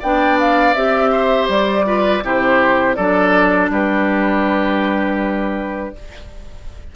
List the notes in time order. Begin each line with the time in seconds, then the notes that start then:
0.00 B3 D4 D5 G5
0.40 F5
0.74 C4 G4 E5
1.11 C5
1.48 G3 D5
1.85 F4 B4
2.23 C3 E4 G4 C5
2.95 F#3 D4 A4 D5
3.70 G3 G4 B4